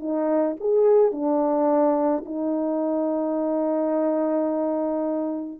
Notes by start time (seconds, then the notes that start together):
0.00 D#4
0.61 G#4
1.12 D4
2.26 D#4